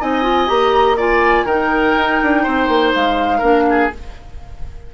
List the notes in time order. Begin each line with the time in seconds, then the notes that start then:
0.00 C4 D#4 D#5 G#5
0.23 F4
0.47 A#3 G4 A#5
0.97 F4 D5 G#5
1.45 D#3 D#4 A#4 G5
1.96 D#4
2.23 D4
2.43 C4 C5
2.68 A#3
2.95 G#3 F5
3.38 A#3 D4 A#4
3.70 G#4